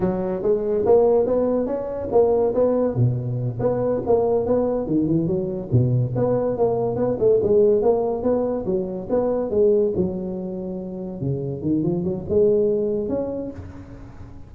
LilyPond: \new Staff \with { instrumentName = "tuba" } { \time 4/4 \tempo 4 = 142 fis4 gis4 ais4 b4 | cis'4 ais4 b4 b,4~ | b,8 b4 ais4 b4 dis8 | e8 fis4 b,4 b4 ais8~ |
ais8 b8 a8 gis4 ais4 b8~ | b8 fis4 b4 gis4 fis8~ | fis2~ fis8 cis4 dis8 | f8 fis8 gis2 cis'4 | }